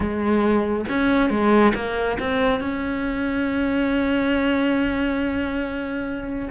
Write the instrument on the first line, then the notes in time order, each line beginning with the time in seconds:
cello
0.00 G#3
0.88 C#4
1.29 G#3
1.75 A#3
2.19 C4
2.60 C#4